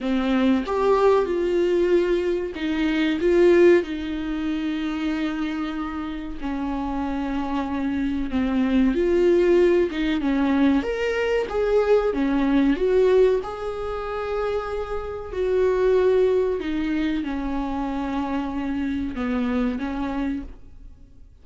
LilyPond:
\new Staff \with { instrumentName = "viola" } { \time 4/4 \tempo 4 = 94 c'4 g'4 f'2 | dis'4 f'4 dis'2~ | dis'2 cis'2~ | cis'4 c'4 f'4. dis'8 |
cis'4 ais'4 gis'4 cis'4 | fis'4 gis'2. | fis'2 dis'4 cis'4~ | cis'2 b4 cis'4 | }